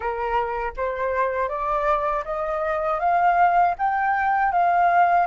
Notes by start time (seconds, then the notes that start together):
0.00 A#4
0.76 C5
1.48 D5
2.24 D#5
2.99 F5
3.78 G5
4.52 F5